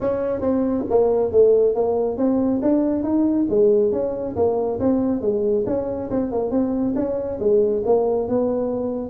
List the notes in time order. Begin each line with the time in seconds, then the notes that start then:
0.00 C#4
0.41 C4
0.89 A#3
1.31 A3
1.75 A#3
2.17 C4
2.61 D4
3.03 D#4
3.49 G#3
3.92 C#4
4.36 A#3
4.79 C4
5.21 G#3
5.66 C#4
6.10 C4
6.31 A#3
6.50 C4
6.95 C#4
7.39 G#3
7.85 A#3
8.28 B3